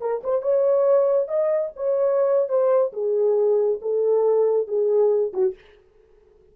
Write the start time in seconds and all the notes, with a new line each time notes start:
0.00 A#4
0.23 C5
0.42 C#5
1.27 D#5
1.75 C#5
2.48 C5
2.92 G#4
3.81 A4
4.67 G#4
5.33 F#4